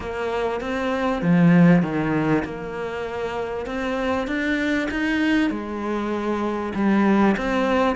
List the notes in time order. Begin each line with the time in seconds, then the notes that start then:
0.00 A#3
0.61 C4
1.22 F3
1.82 D#3
2.44 A#3
3.66 C4
4.27 D4
4.90 D#4
5.50 G#3
6.75 G3
7.37 C4